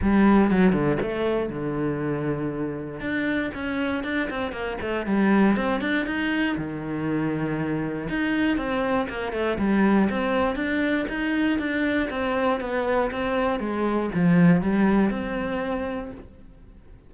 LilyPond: \new Staff \with { instrumentName = "cello" } { \time 4/4 \tempo 4 = 119 g4 fis8 d8 a4 d4~ | d2 d'4 cis'4 | d'8 c'8 ais8 a8 g4 c'8 d'8 | dis'4 dis2. |
dis'4 c'4 ais8 a8 g4 | c'4 d'4 dis'4 d'4 | c'4 b4 c'4 gis4 | f4 g4 c'2 | }